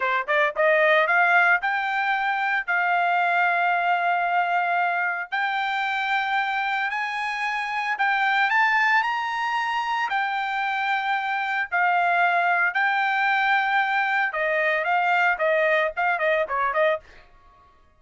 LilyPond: \new Staff \with { instrumentName = "trumpet" } { \time 4/4 \tempo 4 = 113 c''8 d''8 dis''4 f''4 g''4~ | g''4 f''2.~ | f''2 g''2~ | g''4 gis''2 g''4 |
a''4 ais''2 g''4~ | g''2 f''2 | g''2. dis''4 | f''4 dis''4 f''8 dis''8 cis''8 dis''8 | }